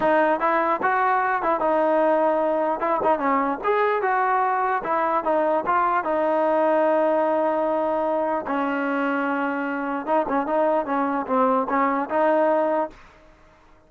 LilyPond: \new Staff \with { instrumentName = "trombone" } { \time 4/4 \tempo 4 = 149 dis'4 e'4 fis'4. e'8 | dis'2. e'8 dis'8 | cis'4 gis'4 fis'2 | e'4 dis'4 f'4 dis'4~ |
dis'1~ | dis'4 cis'2.~ | cis'4 dis'8 cis'8 dis'4 cis'4 | c'4 cis'4 dis'2 | }